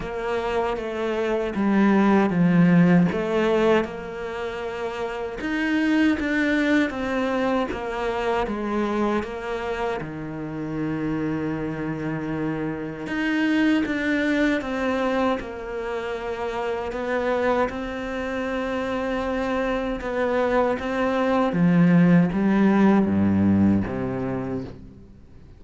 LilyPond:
\new Staff \with { instrumentName = "cello" } { \time 4/4 \tempo 4 = 78 ais4 a4 g4 f4 | a4 ais2 dis'4 | d'4 c'4 ais4 gis4 | ais4 dis2.~ |
dis4 dis'4 d'4 c'4 | ais2 b4 c'4~ | c'2 b4 c'4 | f4 g4 g,4 c4 | }